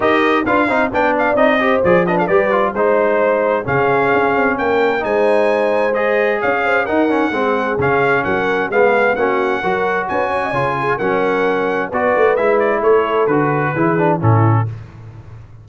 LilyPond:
<<
  \new Staff \with { instrumentName = "trumpet" } { \time 4/4 \tempo 4 = 131 dis''4 f''4 g''8 f''8 dis''4 | d''8 dis''16 f''16 d''4 c''2 | f''2 g''4 gis''4~ | gis''4 dis''4 f''4 fis''4~ |
fis''4 f''4 fis''4 f''4 | fis''2 gis''2 | fis''2 d''4 e''8 d''8 | cis''4 b'2 a'4 | }
  \new Staff \with { instrumentName = "horn" } { \time 4/4 ais'4 b'8 c''8 d''4. c''8~ | c''8 b'16 a'16 b'4 c''2 | gis'2 ais'4 c''4~ | c''2 cis''8 c''8 ais'4 |
gis'2 ais'4 gis'4 | fis'4 ais'4 b'8 cis''16 dis''16 cis''8 gis'8 | ais'2 b'2 | a'2 gis'4 e'4 | }
  \new Staff \with { instrumentName = "trombone" } { \time 4/4 g'4 f'8 dis'8 d'4 dis'8 g'8 | gis'8 d'8 g'8 f'8 dis'2 | cis'2. dis'4~ | dis'4 gis'2 dis'8 cis'8 |
c'4 cis'2 b4 | cis'4 fis'2 f'4 | cis'2 fis'4 e'4~ | e'4 fis'4 e'8 d'8 cis'4 | }
  \new Staff \with { instrumentName = "tuba" } { \time 4/4 dis'4 d'8 c'8 b4 c'4 | f4 g4 gis2 | cis4 cis'8 c'8 ais4 gis4~ | gis2 cis'4 dis'4 |
gis4 cis4 fis4 gis4 | ais4 fis4 cis'4 cis4 | fis2 b8 a8 gis4 | a4 d4 e4 a,4 | }
>>